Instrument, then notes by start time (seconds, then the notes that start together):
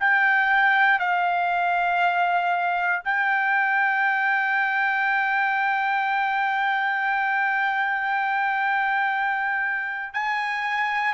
trumpet
0.00 G5
0.99 F5
3.05 G5
10.14 G#5